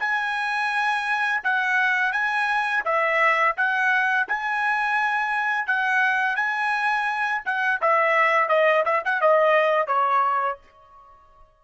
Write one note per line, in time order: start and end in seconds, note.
0.00 1.41 G#5
1.44 2.13 F#5
2.13 2.83 G#5
2.85 3.56 E5
3.57 4.28 F#5
4.28 5.67 G#5
5.67 6.37 F#5
6.37 7.42 G#5
7.46 7.81 F#5
7.82 8.49 E5
8.49 8.85 D#5
8.86 9.03 E5
9.05 9.21 F#5
9.21 9.88 D#5
9.88 10.59 C#5